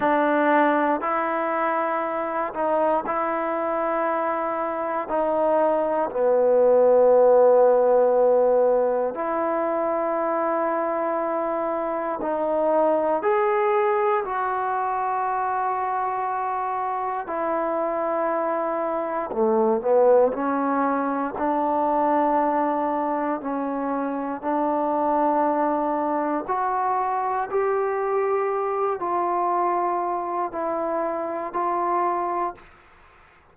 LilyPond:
\new Staff \with { instrumentName = "trombone" } { \time 4/4 \tempo 4 = 59 d'4 e'4. dis'8 e'4~ | e'4 dis'4 b2~ | b4 e'2. | dis'4 gis'4 fis'2~ |
fis'4 e'2 a8 b8 | cis'4 d'2 cis'4 | d'2 fis'4 g'4~ | g'8 f'4. e'4 f'4 | }